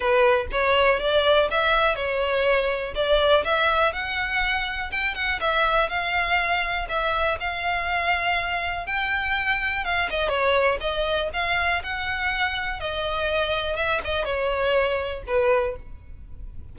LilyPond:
\new Staff \with { instrumentName = "violin" } { \time 4/4 \tempo 4 = 122 b'4 cis''4 d''4 e''4 | cis''2 d''4 e''4 | fis''2 g''8 fis''8 e''4 | f''2 e''4 f''4~ |
f''2 g''2 | f''8 dis''8 cis''4 dis''4 f''4 | fis''2 dis''2 | e''8 dis''8 cis''2 b'4 | }